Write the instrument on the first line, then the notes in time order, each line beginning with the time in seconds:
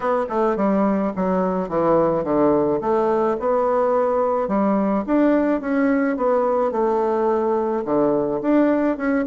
bassoon
0.00 B3
0.29 A3
0.56 G3
1.16 F#3
1.68 E3
2.24 D3
2.80 A3
3.39 B3
4.47 G3
5.06 D4
5.60 C#4
6.16 B3
6.71 A3
7.84 D3
8.41 D4
8.97 C#4